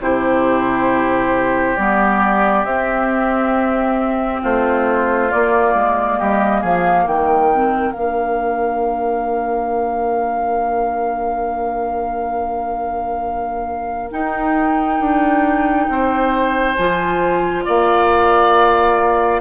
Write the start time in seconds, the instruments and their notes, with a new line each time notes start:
0.00 bassoon C3, clarinet E4, oboe G4, flute C5
1.77 bassoon G3, clarinet B3, flute D5
2.64 bassoon C4, clarinet C4, flute E5
4.42 bassoon A3, oboe F4, flute C5
5.30 clarinet A#3, bassoon A#3, flute D5
5.74 bassoon G#3
6.18 bassoon G3, oboe G4, flute D#5
6.61 bassoon F3, oboe G#4, flute F5
7.03 bassoon D#3, oboe A#4, flute G5
7.54 clarinet C4
7.92 bassoon A#3, clarinet D4, flute F5
14.11 clarinet D#4, bassoon D#4, flute G5
15.00 bassoon D4
15.88 bassoon C4, oboe C5
16.75 bassoon F3, clarinet F4, flute G#5
17.65 bassoon A#3, oboe D5, flute F5